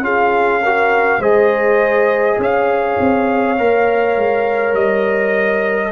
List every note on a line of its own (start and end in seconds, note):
0.00 1.18 C#4
0.00 0.61 F4
0.00 0.62 G#4
0.00 1.22 F5
0.62 1.22 F#4
0.62 1.19 A#4
1.19 2.37 G#3
1.19 3.57 G#4
1.19 2.37 C5
1.19 2.39 D#5
2.38 2.97 C#4
2.38 5.92 C#5
2.38 4.75 F5
3.00 3.58 C4
3.58 4.16 A#3
3.58 5.92 A#4
4.16 4.73 G#3
4.73 5.91 G3
4.73 5.92 D#5